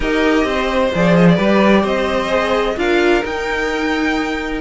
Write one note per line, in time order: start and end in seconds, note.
0.00 0.43 D#4
0.00 0.93 G4
0.00 0.46 A#4
0.00 0.93 D#5
0.43 0.90 C4
0.43 1.35 C5
0.94 1.38 F3
0.94 1.39 G#4
0.94 1.16 D5
1.16 1.28 D#5
1.28 1.86 D5
1.35 1.84 G3
1.35 2.29 G4
1.35 1.81 B4
1.82 2.76 C4
1.82 2.74 C5
1.82 2.78 D#5
2.29 2.75 G#4
2.76 3.23 D4
2.76 3.22 F4
2.76 4.61 A#4
2.76 3.24 F5
3.22 4.61 D#4
3.22 4.61 G5